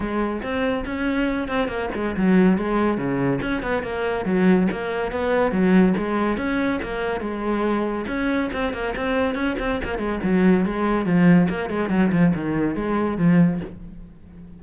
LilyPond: \new Staff \with { instrumentName = "cello" } { \time 4/4 \tempo 4 = 141 gis4 c'4 cis'4. c'8 | ais8 gis8 fis4 gis4 cis4 | cis'8 b8 ais4 fis4 ais4 | b4 fis4 gis4 cis'4 |
ais4 gis2 cis'4 | c'8 ais8 c'4 cis'8 c'8 ais8 gis8 | fis4 gis4 f4 ais8 gis8 | fis8 f8 dis4 gis4 f4 | }